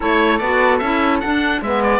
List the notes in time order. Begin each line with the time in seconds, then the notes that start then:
0.00 A3 E4 A4 C#5
0.38 B3 F#4 D5
0.78 C#4 E4 E5
1.20 D4 F#5
1.61 G#3 B3 B4 E5
1.82 D5